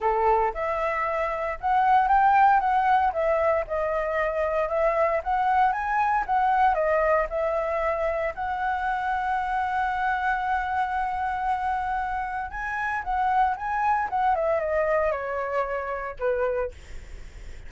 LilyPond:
\new Staff \with { instrumentName = "flute" } { \time 4/4 \tempo 4 = 115 a'4 e''2 fis''4 | g''4 fis''4 e''4 dis''4~ | dis''4 e''4 fis''4 gis''4 | fis''4 dis''4 e''2 |
fis''1~ | fis''1 | gis''4 fis''4 gis''4 fis''8 e''8 | dis''4 cis''2 b'4 | }